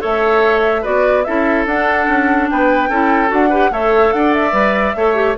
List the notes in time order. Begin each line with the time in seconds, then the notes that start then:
0.00 A3 A4 C#5 E5
0.82 B3 F#4 B4 D5
1.24 C#4 E4 A4 E5
1.66 D4 F#5
2.08 C#4
2.49 B3 B4 G5
2.89 C#4 E4 A4
3.28 D4 F#4 F#5
3.49 G4 B4
3.71 A3 A4 C#5 E5
4.13 D4 D5 F#5
4.33 E5
4.52 G3 B4
4.95 A3 A4 C#5
5.14 G4